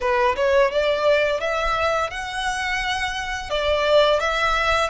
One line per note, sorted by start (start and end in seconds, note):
0.00 0.35 B4
0.36 0.71 C#5
0.71 1.40 D5
1.40 2.10 E5
2.10 3.49 F#5
3.50 4.20 D5
4.20 4.89 E5